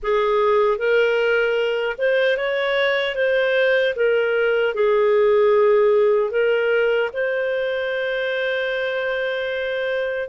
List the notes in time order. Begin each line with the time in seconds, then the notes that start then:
0.03 G#4
0.78 A#4
1.98 C5
2.37 C#5
3.15 C5
3.95 A#4
4.74 G#4
6.31 A#4
7.13 C5